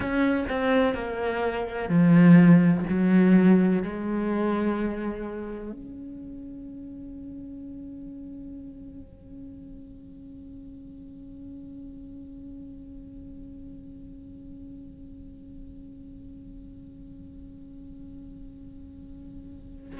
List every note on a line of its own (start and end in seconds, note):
0.00 0.44 C#4
0.48 0.94 C4
0.94 1.89 A#3
1.89 2.84 F3
2.89 3.82 F#3
3.82 5.71 G#3
5.71 19.99 C#4